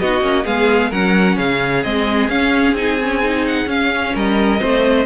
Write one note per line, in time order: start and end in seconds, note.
0.00 0.22 B3
0.00 0.22 D#4
0.00 0.45 F#4
0.00 0.46 D#5
0.22 0.45 A#3
0.22 0.45 C#4
0.45 0.92 G#3
0.45 0.91 B3
0.45 0.91 G#4
0.45 0.92 F5
0.91 1.38 F#3
0.91 1.84 C#4
0.91 1.37 A#4
0.91 1.38 F#5
1.37 1.85 C#3
1.37 4.14 G#4
1.37 1.84 F5
1.84 2.29 G#3
1.84 2.30 C4
1.84 2.29 D#5
2.29 2.72 C#4
2.29 2.77 C#4
2.29 2.76 F5
2.72 3.65 C4
2.72 3.00 D#4
2.72 3.46 G#5
3.03 3.23 C#4
3.23 3.67 D#4
3.48 3.70 F#5
3.67 4.13 C#4
3.67 4.59 C#4
3.67 4.16 F5
4.15 4.62 G3
4.15 4.61 A#4
4.15 5.06 D#5
4.59 5.06 A3
4.59 5.05 C4
4.59 5.06 C5